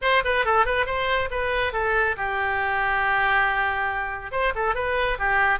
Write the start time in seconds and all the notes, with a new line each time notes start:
0.01 C5
0.24 B4
0.45 A4
0.65 B4
0.86 C5
1.30 B4
1.72 A4
2.16 G4
4.31 C5
4.55 A4
4.74 B4
5.18 G4